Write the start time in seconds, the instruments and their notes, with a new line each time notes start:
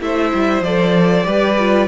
0.00 cello A3, viola E4, violin C5 E5
0.33 cello G3
0.61 cello F3, viola A4, violin D5
1.24 cello G3, viola G4, violin B4
1.58 viola F4